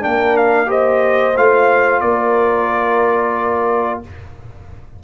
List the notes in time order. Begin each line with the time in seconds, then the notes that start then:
0.00 A#3 D4 A#4 G5
0.37 F5
0.66 G4 C5 D#5
1.37 A3 F4 F5
2.01 A#3 A#4 D5